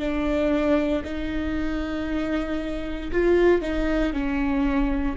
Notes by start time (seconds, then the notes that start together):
0.00 D4
1.04 D#4
3.12 F4
3.62 D#4
4.13 C#4